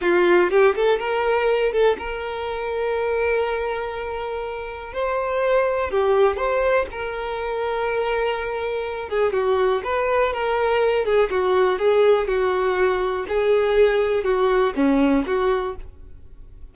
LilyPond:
\new Staff \with { instrumentName = "violin" } { \time 4/4 \tempo 4 = 122 f'4 g'8 a'8 ais'4. a'8 | ais'1~ | ais'2 c''2 | g'4 c''4 ais'2~ |
ais'2~ ais'8 gis'8 fis'4 | b'4 ais'4. gis'8 fis'4 | gis'4 fis'2 gis'4~ | gis'4 fis'4 cis'4 fis'4 | }